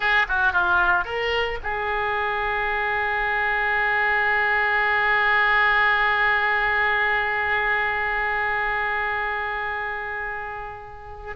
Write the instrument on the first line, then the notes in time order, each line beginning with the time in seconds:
oboe
0.00 G#4
0.28 F#4
0.53 F4
1.04 A#4
1.63 G#4